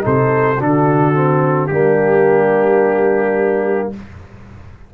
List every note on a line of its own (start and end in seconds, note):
0.00 0.60 C3
0.00 0.56 D#4
0.00 0.58 A4
0.06 0.62 C5
0.58 1.71 D3
0.58 1.14 D4
0.58 1.69 F#4
0.58 1.67 A4
1.14 1.70 C4
1.67 3.93 G3
1.67 3.94 A#3
1.67 3.94 D4
1.67 3.89 G4